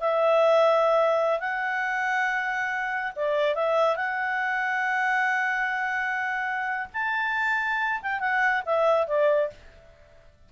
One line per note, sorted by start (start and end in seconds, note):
0.00 1.40 E5
1.40 3.12 F#5
3.15 3.55 D5
3.55 3.96 E5
3.96 6.87 F#5
6.93 8.01 A5
8.02 8.20 G5
8.20 8.63 F#5
8.65 9.07 E5
9.07 9.50 D5